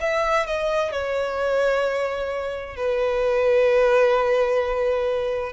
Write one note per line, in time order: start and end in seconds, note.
0.00 0.46 E5
0.46 0.91 D#5
0.91 2.76 C#5
2.76 5.53 B4